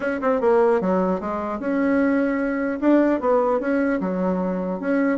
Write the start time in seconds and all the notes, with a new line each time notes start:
0.00 C#4
0.21 C4
0.40 A#3
0.80 F#3
1.20 G#3
1.59 C#4
2.80 D4
3.20 B3
3.60 C#4
4.00 F#3
4.80 C#4